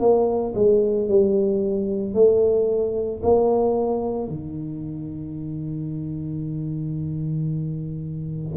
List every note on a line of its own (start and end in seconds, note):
0.00 0.54 A#3
0.54 1.08 G#3
1.08 2.14 G3
2.14 3.21 A3
3.22 4.28 A#3
4.28 8.56 D#3